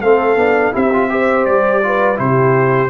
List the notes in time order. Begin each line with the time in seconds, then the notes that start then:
0.00 A3 C4 A4 F5
0.36 B3 D4
0.72 C4 E4 G4 E5
0.93 F4
1.09 G4 C5
1.45 G3 D5
1.83 F4 B4
2.16 C3 E4 G4 C5